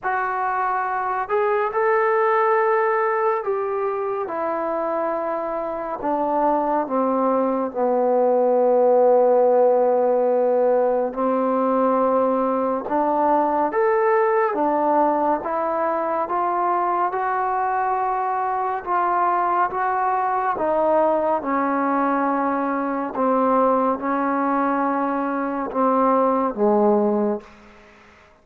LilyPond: \new Staff \with { instrumentName = "trombone" } { \time 4/4 \tempo 4 = 70 fis'4. gis'8 a'2 | g'4 e'2 d'4 | c'4 b2.~ | b4 c'2 d'4 |
a'4 d'4 e'4 f'4 | fis'2 f'4 fis'4 | dis'4 cis'2 c'4 | cis'2 c'4 gis4 | }